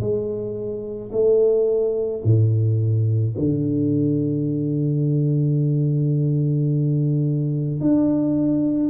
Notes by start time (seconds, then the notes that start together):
0.00 G#3
1.12 A3
2.24 A2
3.38 D3
7.81 D4